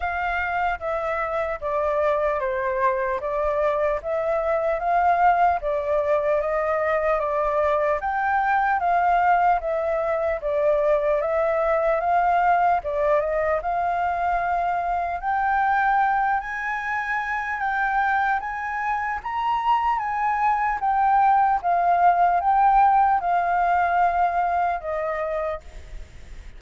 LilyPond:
\new Staff \with { instrumentName = "flute" } { \time 4/4 \tempo 4 = 75 f''4 e''4 d''4 c''4 | d''4 e''4 f''4 d''4 | dis''4 d''4 g''4 f''4 | e''4 d''4 e''4 f''4 |
d''8 dis''8 f''2 g''4~ | g''8 gis''4. g''4 gis''4 | ais''4 gis''4 g''4 f''4 | g''4 f''2 dis''4 | }